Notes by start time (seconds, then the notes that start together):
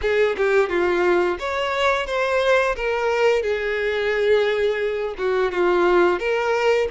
0.01 G#4
0.37 G4
0.69 F4
1.39 C#5
2.06 C5
2.76 A#4
3.42 G#4
5.18 F#4
5.51 F4
6.19 A#4